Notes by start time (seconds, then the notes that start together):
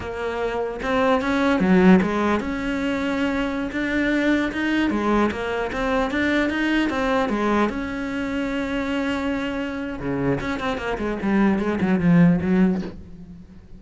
0.00 A#3
0.82 C4
1.21 C#4
1.60 F#3
2.01 G#3
2.39 C#4
3.71 D4
4.52 D#4
4.90 G#3
5.31 A#3
5.72 C4
6.10 D4
6.49 D#4
6.89 C4
7.29 G#3
7.69 C#4
9.99 C#3
10.40 C#4
10.59 C4
10.77 A#3
10.98 G#3
11.22 G3
11.59 G#3
11.80 F#3
11.99 F3
12.41 F#3